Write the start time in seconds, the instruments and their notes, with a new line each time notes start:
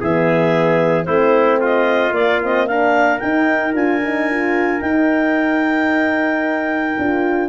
0.00 tuba E3, horn B3, trumpet G#4, clarinet E5
1.04 tuba A3, horn C4, trumpet E4, clarinet C5
1.61 trumpet F4, clarinet D#5
2.11 tuba A#3, horn A#3, clarinet D5
2.43 horn C4, clarinet D#5
2.67 horn D4, trumpet A#4, clarinet F5
3.19 tuba D#4, horn D#4, clarinet G5
3.74 tuba D4, horn F4, clarinet G#5
4.04 horn D#4
4.30 horn F4
4.80 horn D#4, tuba D#4, clarinet G5
6.98 tuba D4, horn F4